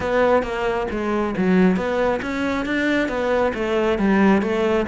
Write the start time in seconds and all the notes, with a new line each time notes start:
0.00 B3
0.43 A#3
0.90 G#3
1.37 F#3
1.76 B3
2.22 C#4
2.65 D4
3.08 B3
3.54 A3
3.98 G3
4.42 A3